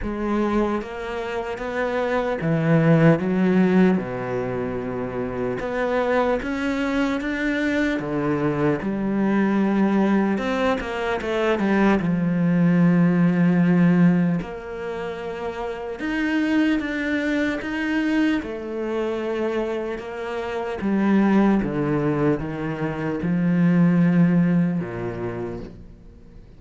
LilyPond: \new Staff \with { instrumentName = "cello" } { \time 4/4 \tempo 4 = 75 gis4 ais4 b4 e4 | fis4 b,2 b4 | cis'4 d'4 d4 g4~ | g4 c'8 ais8 a8 g8 f4~ |
f2 ais2 | dis'4 d'4 dis'4 a4~ | a4 ais4 g4 d4 | dis4 f2 ais,4 | }